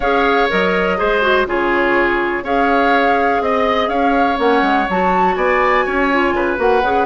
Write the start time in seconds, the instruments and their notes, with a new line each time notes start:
0.00 bassoon C#4, clarinet G#4, oboe C#5, flute F5
0.49 bassoon F#3, clarinet A#4, flute D#5
0.97 bassoon G#3, clarinet G#4, oboe C5
1.21 clarinet F#4
1.46 bassoon C#3, clarinet F4, oboe G#4, flute C#5
2.42 bassoon C#4, clarinet G#4, oboe C#5, flute F5
3.40 bassoon C4, flute D#5, oboe D#5
3.88 bassoon C#4, oboe C#5, flute F5
4.37 bassoon A#3, clarinet C#4, flute F#5
4.61 bassoon G#3
4.89 bassoon F#3, clarinet F#4, flute A5
5.35 bassoon B3, oboe D5, flute G#5
5.85 bassoon C#4, oboe C#5
6.11 clarinet F4
6.32 bassoon C#3, oboe B4
6.57 bassoon A#3, clarinet F#4, flute F#5
6.82 bassoon C#3, clarinet G#4